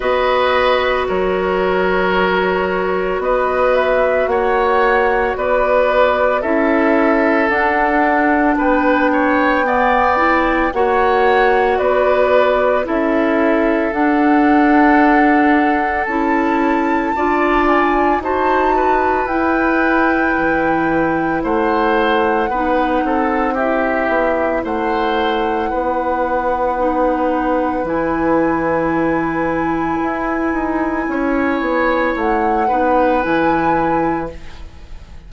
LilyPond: <<
  \new Staff \with { instrumentName = "flute" } { \time 4/4 \tempo 4 = 56 dis''4 cis''2 dis''8 e''8 | fis''4 d''4 e''4 fis''4 | g''2 fis''4 d''4 | e''4 fis''2 a''4~ |
a''8 gis''8 a''4 g''2 | fis''2 e''4 fis''4~ | fis''2 gis''2~ | gis''2 fis''4 gis''4 | }
  \new Staff \with { instrumentName = "oboe" } { \time 4/4 b'4 ais'2 b'4 | cis''4 b'4 a'2 | b'8 cis''8 d''4 cis''4 b'4 | a'1 |
d''4 c''8 b'2~ b'8 | c''4 b'8 a'8 g'4 c''4 | b'1~ | b'4 cis''4. b'4. | }
  \new Staff \with { instrumentName = "clarinet" } { \time 4/4 fis'1~ | fis'2 e'4 d'4~ | d'4 b8 e'8 fis'2 | e'4 d'2 e'4 |
f'4 fis'4 e'2~ | e'4 dis'4 e'2~ | e'4 dis'4 e'2~ | e'2~ e'8 dis'8 e'4 | }
  \new Staff \with { instrumentName = "bassoon" } { \time 4/4 b4 fis2 b4 | ais4 b4 cis'4 d'4 | b2 ais4 b4 | cis'4 d'2 cis'4 |
d'4 dis'4 e'4 e4 | a4 b8 c'4 b8 a4 | b2 e2 | e'8 dis'8 cis'8 b8 a8 b8 e4 | }
>>